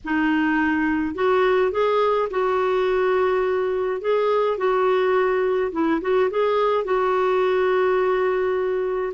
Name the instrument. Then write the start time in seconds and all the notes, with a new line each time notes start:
clarinet
0.04 D#4
1.14 F#4
1.71 G#4
2.30 F#4
4.01 G#4
4.57 F#4
5.72 E4
6.01 F#4
6.30 G#4
6.84 F#4